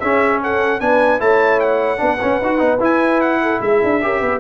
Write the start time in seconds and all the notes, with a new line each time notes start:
0.00 C#4 G#4 E5
0.42 A4 F#5
0.80 B3 D4 B4 G#5
1.20 A3 E4 C#5 A5
1.60 F#5
1.98 B3 D4 B4
2.22 C#4
2.41 D#4 F#4
2.59 B3 D#4
2.80 E4 G#5
3.21 F#5
3.42 A4
3.61 G#3 G#4 E5
3.84 D4
4.03 C#4 G4 A#4
4.20 B3 B4